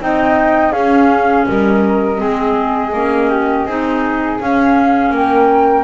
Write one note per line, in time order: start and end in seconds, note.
0.00 0.72 C4
0.00 0.73 D#4
0.00 0.72 D#5
0.00 0.71 G5
0.71 1.45 C#4
0.71 2.17 C#4
0.71 1.45 G#4
0.71 1.45 F5
1.47 2.21 G3
1.47 2.20 A#4
1.47 4.39 D#5
2.17 2.93 G#3
2.17 2.91 C4
2.17 3.30 G#4
2.93 3.66 A#3
2.93 3.68 C#4
3.30 3.66 G4
3.66 4.39 C4
3.66 4.40 D#4
3.66 5.12 G#4
4.40 5.11 C#4
4.40 5.83 C#4
4.40 5.13 F5
5.11 5.83 A#3
5.11 5.83 A#4
5.11 5.83 G5